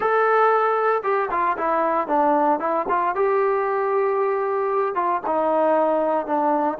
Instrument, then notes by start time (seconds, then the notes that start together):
trombone
0.00 A4
1.03 G4
1.30 F4
1.57 E4
2.07 D4
2.59 E4
2.89 F4
3.15 G4
4.94 F4
5.26 D#4
6.26 D4